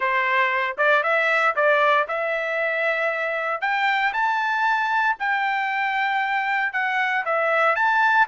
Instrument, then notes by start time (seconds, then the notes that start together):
trumpet
0.00 C5
0.77 D5
1.03 E5
1.55 D5
2.08 E5
3.61 G5
4.13 A5
5.19 G5
6.72 F#5
7.25 E5
7.75 A5